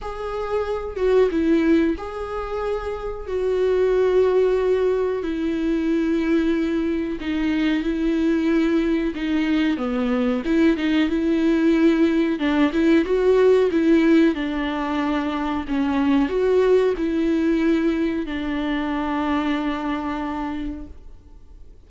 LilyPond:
\new Staff \with { instrumentName = "viola" } { \time 4/4 \tempo 4 = 92 gis'4. fis'8 e'4 gis'4~ | gis'4 fis'2. | e'2. dis'4 | e'2 dis'4 b4 |
e'8 dis'8 e'2 d'8 e'8 | fis'4 e'4 d'2 | cis'4 fis'4 e'2 | d'1 | }